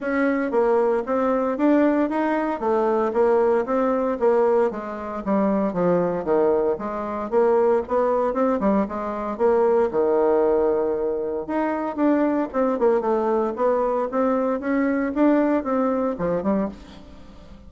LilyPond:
\new Staff \with { instrumentName = "bassoon" } { \time 4/4 \tempo 4 = 115 cis'4 ais4 c'4 d'4 | dis'4 a4 ais4 c'4 | ais4 gis4 g4 f4 | dis4 gis4 ais4 b4 |
c'8 g8 gis4 ais4 dis4~ | dis2 dis'4 d'4 | c'8 ais8 a4 b4 c'4 | cis'4 d'4 c'4 f8 g8 | }